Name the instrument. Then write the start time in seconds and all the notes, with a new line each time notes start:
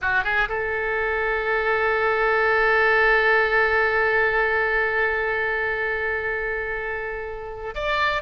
oboe
0.01 F#4
0.24 G#4
0.48 A4
7.74 D5